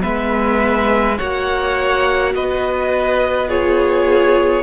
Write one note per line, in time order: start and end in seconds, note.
0.00 1.19 G#3
0.00 1.15 B3
0.00 1.18 B4
0.00 1.18 E5
1.18 2.34 A#3
1.18 3.48 F#4
1.18 2.33 C#5
1.18 2.33 F#5
2.34 4.62 B3
2.34 3.48 B4
2.34 3.50 D#5
3.48 4.62 F4
3.48 4.62 G#4
3.48 4.62 C#5